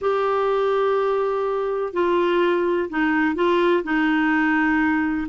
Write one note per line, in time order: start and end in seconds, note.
0.01 1.93 G4
1.93 2.89 F4
2.89 3.35 D#4
3.35 3.83 F4
3.83 5.27 D#4